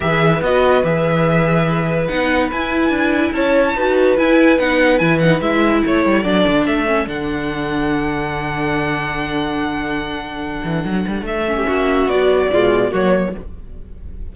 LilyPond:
<<
  \new Staff \with { instrumentName = "violin" } { \time 4/4 \tempo 4 = 144 e''4 dis''4 e''2~ | e''4 fis''4 gis''2 | a''2 gis''4 fis''4 | gis''8 fis''8 e''4 cis''4 d''4 |
e''4 fis''2.~ | fis''1~ | fis''2. e''4~ | e''4 d''2 cis''4 | }
  \new Staff \with { instrumentName = "violin" } { \time 4/4 b'1~ | b'1 | cis''4 b'2.~ | b'2 a'2~ |
a'1~ | a'1~ | a'2.~ a'8. g'16 | fis'2 f'4 fis'4 | }
  \new Staff \with { instrumentName = "viola" } { \time 4/4 gis'4 fis'4 gis'2~ | gis'4 dis'4 e'2~ | e'4 fis'4 e'4 dis'4 | e'8 dis'8 e'2 d'4~ |
d'8 cis'8 d'2.~ | d'1~ | d'2.~ d'8 cis'8~ | cis'4 fis4 gis4 ais4 | }
  \new Staff \with { instrumentName = "cello" } { \time 4/4 e4 b4 e2~ | e4 b4 e'4 d'4 | cis'4 dis'4 e'4 b4 | e4 gis4 a8 g8 fis8 d8 |
a4 d2.~ | d1~ | d4. e8 fis8 g8 a4 | ais4 b4 b,4 fis4 | }
>>